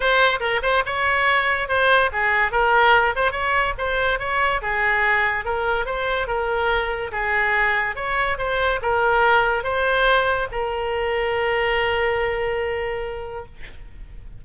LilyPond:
\new Staff \with { instrumentName = "oboe" } { \time 4/4 \tempo 4 = 143 c''4 ais'8 c''8 cis''2 | c''4 gis'4 ais'4. c''8 | cis''4 c''4 cis''4 gis'4~ | gis'4 ais'4 c''4 ais'4~ |
ais'4 gis'2 cis''4 | c''4 ais'2 c''4~ | c''4 ais'2.~ | ais'1 | }